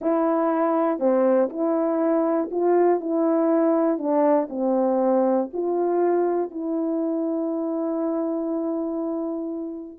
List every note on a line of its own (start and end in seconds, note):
0.01 0.99 E4
0.99 1.49 C4
1.49 2.49 E4
2.51 3.00 F4
3.00 3.98 E4
3.98 4.48 D4
4.49 5.49 C4
5.53 6.50 F4
6.50 9.98 E4